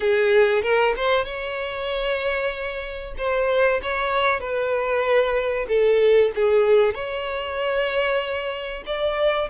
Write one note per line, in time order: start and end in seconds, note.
0.00 0.62 G#4
0.62 0.93 A#4
0.96 1.25 C5
1.25 3.14 C#5
3.18 3.81 C5
3.82 4.40 C#5
4.40 5.66 B4
5.68 6.31 A4
6.35 6.94 G#4
6.94 8.83 C#5
8.86 9.49 D5